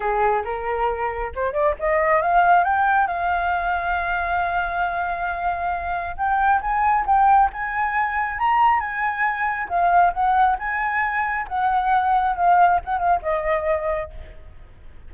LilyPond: \new Staff \with { instrumentName = "flute" } { \time 4/4 \tempo 4 = 136 gis'4 ais'2 c''8 d''8 | dis''4 f''4 g''4 f''4~ | f''1~ | f''2 g''4 gis''4 |
g''4 gis''2 ais''4 | gis''2 f''4 fis''4 | gis''2 fis''2 | f''4 fis''8 f''8 dis''2 | }